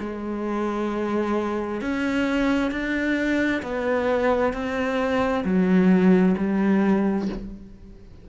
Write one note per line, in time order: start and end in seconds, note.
0.00 1.82 G#3
1.82 2.71 C#4
2.71 3.62 D4
3.63 4.54 B3
4.54 5.45 C4
5.45 6.36 F#3
6.38 7.29 G3